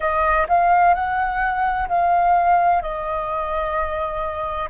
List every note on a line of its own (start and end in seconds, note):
0.00 0.46 D#5
0.48 0.94 F5
0.94 1.87 F#5
1.88 2.81 F5
2.81 4.69 D#5